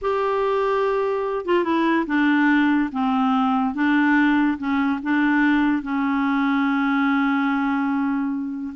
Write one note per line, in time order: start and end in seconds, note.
0.01 1.45 G4
1.45 1.63 F4
1.63 2.05 E4
2.06 2.90 D4
2.91 3.74 C4
3.74 4.57 D4
4.58 4.99 C#4
5.02 5.82 D4
5.82 8.74 C#4